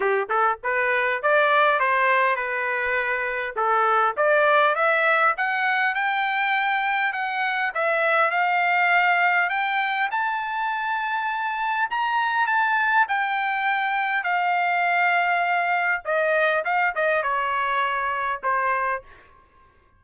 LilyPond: \new Staff \with { instrumentName = "trumpet" } { \time 4/4 \tempo 4 = 101 g'8 a'8 b'4 d''4 c''4 | b'2 a'4 d''4 | e''4 fis''4 g''2 | fis''4 e''4 f''2 |
g''4 a''2. | ais''4 a''4 g''2 | f''2. dis''4 | f''8 dis''8 cis''2 c''4 | }